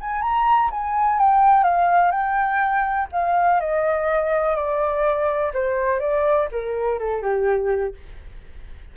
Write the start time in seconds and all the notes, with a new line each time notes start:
0.00 G#5
0.21 A#5
0.70 G#5
1.19 G5
1.63 F5
2.11 G5
3.11 F5
3.60 D#5
4.55 D5
5.53 C5
5.99 D5
6.51 A#4
6.99 A4
7.21 G4